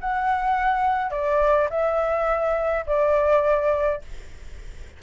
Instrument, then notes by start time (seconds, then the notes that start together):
flute
0.00 F#5
1.11 D5
1.70 E5
2.86 D5